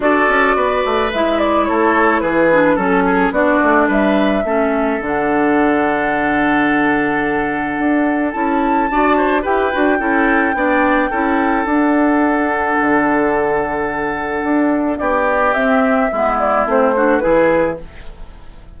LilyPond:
<<
  \new Staff \with { instrumentName = "flute" } { \time 4/4 \tempo 4 = 108 d''2 e''8 d''8 cis''4 | b'4 a'4 d''4 e''4~ | e''4 fis''2.~ | fis''2. a''4~ |
a''4 g''2.~ | g''4 fis''2.~ | fis''2. d''4 | e''4. d''8 c''4 b'4 | }
  \new Staff \with { instrumentName = "oboe" } { \time 4/4 a'4 b'2 a'4 | gis'4 a'8 gis'8 fis'4 b'4 | a'1~ | a'1 |
d''8 c''8 b'4 a'4 d''4 | a'1~ | a'2. g'4~ | g'4 e'4. fis'8 gis'4 | }
  \new Staff \with { instrumentName = "clarinet" } { \time 4/4 fis'2 e'2~ | e'8 d'8 cis'4 d'2 | cis'4 d'2.~ | d'2. e'4 |
fis'4 g'8 fis'8 e'4 d'4 | e'4 d'2.~ | d'1 | c'4 b4 c'8 d'8 e'4 | }
  \new Staff \with { instrumentName = "bassoon" } { \time 4/4 d'8 cis'8 b8 a8 gis4 a4 | e4 fis4 b8 a8 g4 | a4 d2.~ | d2 d'4 cis'4 |
d'4 e'8 d'8 cis'4 b4 | cis'4 d'2 d4~ | d2 d'4 b4 | c'4 gis4 a4 e4 | }
>>